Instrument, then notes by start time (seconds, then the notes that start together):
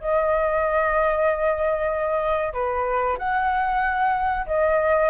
flute
0.00 D#5
2.53 B4
3.18 F#5
4.46 D#5